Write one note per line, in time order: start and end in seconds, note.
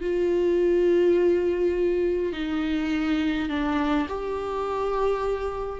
0.00 2.32 F4
2.32 3.48 D#4
3.48 4.07 D4
4.08 5.79 G4